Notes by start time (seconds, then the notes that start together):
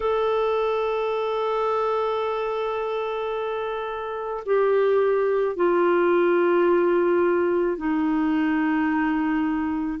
0.00 A4
4.45 G4
5.56 F4
7.77 D#4